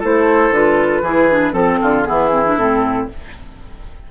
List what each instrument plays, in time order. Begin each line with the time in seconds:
0.00 bassoon A3, clarinet E4, oboe A4, flute C5
0.51 bassoon D3, clarinet F4, flute B4
1.02 bassoon E3, clarinet E4, oboe G#4
1.31 clarinet D4
1.53 bassoon F3, clarinet C4, oboe A4, flute A4
1.82 bassoon D3, oboe F4
2.04 bassoon E3, clarinet B3, oboe E4, flute G#4
2.31 clarinet C4
2.46 clarinet D4
2.57 bassoon A2, clarinet C4, flute A4